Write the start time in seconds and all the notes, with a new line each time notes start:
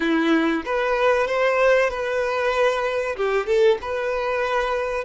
0.00 E4
0.65 B4
1.27 C5
1.89 B4
3.16 G4
3.46 A4
3.81 B4